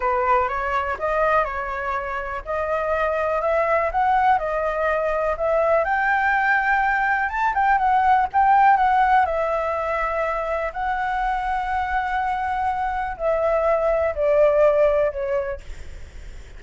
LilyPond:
\new Staff \with { instrumentName = "flute" } { \time 4/4 \tempo 4 = 123 b'4 cis''4 dis''4 cis''4~ | cis''4 dis''2 e''4 | fis''4 dis''2 e''4 | g''2. a''8 g''8 |
fis''4 g''4 fis''4 e''4~ | e''2 fis''2~ | fis''2. e''4~ | e''4 d''2 cis''4 | }